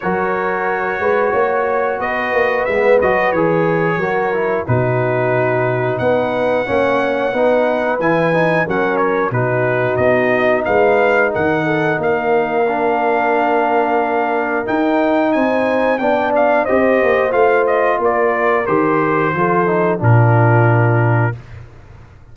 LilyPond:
<<
  \new Staff \with { instrumentName = "trumpet" } { \time 4/4 \tempo 4 = 90 cis''2. dis''4 | e''8 dis''8 cis''2 b'4~ | b'4 fis''2. | gis''4 fis''8 cis''8 b'4 dis''4 |
f''4 fis''4 f''2~ | f''2 g''4 gis''4 | g''8 f''8 dis''4 f''8 dis''8 d''4 | c''2 ais'2 | }
  \new Staff \with { instrumentName = "horn" } { \time 4/4 ais'4. b'8 cis''4 b'4~ | b'2 ais'4 fis'4~ | fis'4 b'4 cis''4 b'4~ | b'4 ais'4 fis'2 |
b'4 ais'8 a'8 ais'2~ | ais'2. c''4 | d''4 c''2 ais'4~ | ais'4 a'4 f'2 | }
  \new Staff \with { instrumentName = "trombone" } { \time 4/4 fis'1 | b8 fis'8 gis'4 fis'8 e'8 dis'4~ | dis'2 cis'4 dis'4 | e'8 dis'8 cis'4 dis'2~ |
dis'2. d'4~ | d'2 dis'2 | d'4 g'4 f'2 | g'4 f'8 dis'8 d'2 | }
  \new Staff \with { instrumentName = "tuba" } { \time 4/4 fis4. gis8 ais4 b8 ais8 | gis8 fis8 e4 fis4 b,4~ | b,4 b4 ais4 b4 | e4 fis4 b,4 b4 |
gis4 dis4 ais2~ | ais2 dis'4 c'4 | b4 c'8 ais8 a4 ais4 | dis4 f4 ais,2 | }
>>